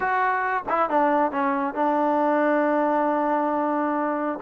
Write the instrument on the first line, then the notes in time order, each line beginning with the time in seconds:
trombone
0.00 F#4
0.68 E4
0.89 D4
1.31 C#4
1.74 D4